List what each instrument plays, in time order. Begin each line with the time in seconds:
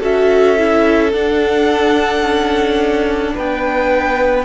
0.00 cello C#4, viola F#4, violin A4 E5
0.57 viola E4
1.12 viola D4, cello D4, violin F#5
2.22 cello C#4
3.34 cello B3, violin B4 G5